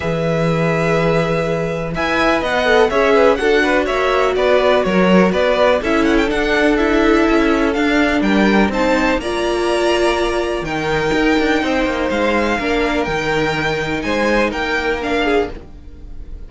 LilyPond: <<
  \new Staff \with { instrumentName = "violin" } { \time 4/4 \tempo 4 = 124 e''1 | gis''4 fis''4 e''4 fis''4 | e''4 d''4 cis''4 d''4 | e''8 fis''16 g''16 fis''4 e''2 |
f''4 g''4 a''4 ais''4~ | ais''2 g''2~ | g''4 f''2 g''4~ | g''4 gis''4 g''4 f''4 | }
  \new Staff \with { instrumentName = "violin" } { \time 4/4 b'1 | e''4 dis''4 cis''8 b'8 a'8 b'8 | cis''4 b'4 ais'4 b'4 | a'1~ |
a'4 ais'4 c''4 d''4~ | d''2 ais'2 | c''2 ais'2~ | ais'4 c''4 ais'4. gis'8 | }
  \new Staff \with { instrumentName = "viola" } { \time 4/4 gis'1 | b'4. a'8 gis'4 fis'4~ | fis'1 | e'4 d'4 e'2 |
d'2 dis'4 f'4~ | f'2 dis'2~ | dis'2 d'4 dis'4~ | dis'2. d'4 | }
  \new Staff \with { instrumentName = "cello" } { \time 4/4 e1 | e'4 b4 cis'4 d'4 | ais4 b4 fis4 b4 | cis'4 d'2 cis'4 |
d'4 g4 c'4 ais4~ | ais2 dis4 dis'8 d'8 | c'8 ais8 gis4 ais4 dis4~ | dis4 gis4 ais2 | }
>>